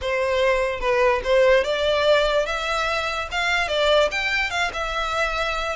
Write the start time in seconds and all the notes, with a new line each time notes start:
0.01 C5
0.80 B4
1.24 C5
1.63 D5
2.46 E5
3.31 F5
3.68 D5
4.11 G5
4.50 F5
4.73 E5